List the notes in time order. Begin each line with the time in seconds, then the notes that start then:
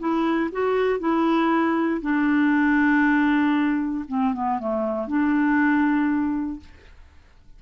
0.00 E4
0.52 F#4
1.00 E4
2.02 D4
4.09 C4
4.34 B3
4.59 A3
5.08 D4